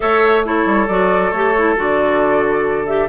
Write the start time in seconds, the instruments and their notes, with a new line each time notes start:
0.00 bassoon A3, clarinet A4, oboe C#5, flute E5
0.44 clarinet E4, oboe A4, flute C#5
0.65 bassoon G3
0.87 bassoon F#3, clarinet F#4, flute D5
1.31 bassoon A3, clarinet G4, flute C#5
1.56 clarinet E4
1.76 bassoon D3, clarinet F#4, flute D5
2.86 clarinet G4, flute E5